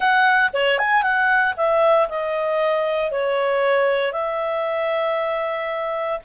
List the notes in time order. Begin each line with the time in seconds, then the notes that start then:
0.00 F#5
0.53 C#5
0.78 G#5
1.02 F#5
1.56 E5
2.08 D#5
3.11 C#5
4.12 E5